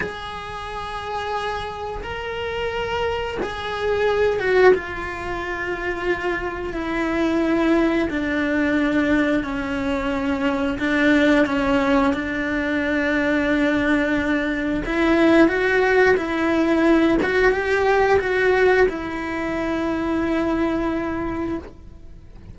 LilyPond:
\new Staff \with { instrumentName = "cello" } { \time 4/4 \tempo 4 = 89 gis'2. ais'4~ | ais'4 gis'4. fis'8 f'4~ | f'2 e'2 | d'2 cis'2 |
d'4 cis'4 d'2~ | d'2 e'4 fis'4 | e'4. fis'8 g'4 fis'4 | e'1 | }